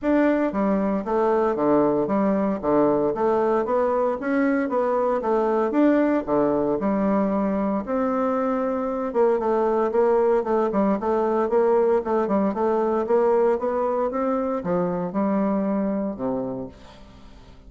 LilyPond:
\new Staff \with { instrumentName = "bassoon" } { \time 4/4 \tempo 4 = 115 d'4 g4 a4 d4 | g4 d4 a4 b4 | cis'4 b4 a4 d'4 | d4 g2 c'4~ |
c'4. ais8 a4 ais4 | a8 g8 a4 ais4 a8 g8 | a4 ais4 b4 c'4 | f4 g2 c4 | }